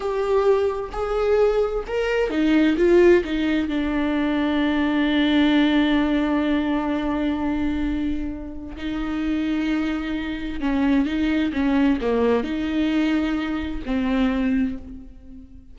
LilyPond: \new Staff \with { instrumentName = "viola" } { \time 4/4 \tempo 4 = 130 g'2 gis'2 | ais'4 dis'4 f'4 dis'4 | d'1~ | d'1~ |
d'2. dis'4~ | dis'2. cis'4 | dis'4 cis'4 ais4 dis'4~ | dis'2 c'2 | }